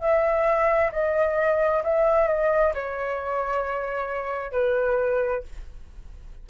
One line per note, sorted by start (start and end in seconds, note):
0.00 0.91 E5
0.92 1.83 D#5
1.83 2.27 E5
2.27 2.73 D#5
2.74 4.52 C#5
4.52 5.43 B4